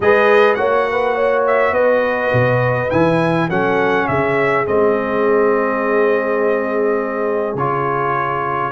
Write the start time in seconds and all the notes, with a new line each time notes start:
0.00 G#3 G#4 B4 D#5
0.54 A#3 F#4 C#5 F#5
0.91 B4
1.14 C#5
1.46 E5
1.72 B3 B4 D#5
2.32 B2
2.90 E3 E4 G#5
3.49 F#3 C#4 A4 F#5
4.07 C#3 G#4 E5
4.65 G#3 C4 D#5
7.54 C#3 F4 C#5